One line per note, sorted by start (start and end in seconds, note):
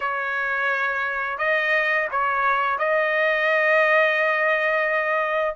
0.00 1.38 C#5
1.38 2.07 D#5
2.11 2.78 C#5
2.78 5.55 D#5